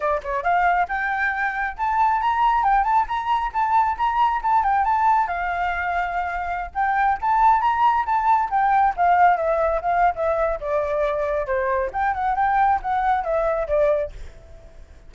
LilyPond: \new Staff \with { instrumentName = "flute" } { \time 4/4 \tempo 4 = 136 d''8 cis''8 f''4 g''2 | a''4 ais''4 g''8 a''8 ais''4 | a''4 ais''4 a''8 g''8 a''4 | f''2.~ f''16 g''8.~ |
g''16 a''4 ais''4 a''4 g''8.~ | g''16 f''4 e''4 f''8. e''4 | d''2 c''4 g''8 fis''8 | g''4 fis''4 e''4 d''4 | }